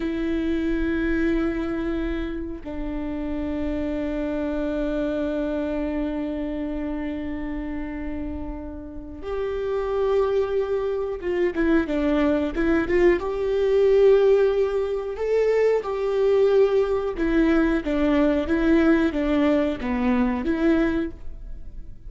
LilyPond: \new Staff \with { instrumentName = "viola" } { \time 4/4 \tempo 4 = 91 e'1 | d'1~ | d'1~ | d'2 g'2~ |
g'4 f'8 e'8 d'4 e'8 f'8 | g'2. a'4 | g'2 e'4 d'4 | e'4 d'4 b4 e'4 | }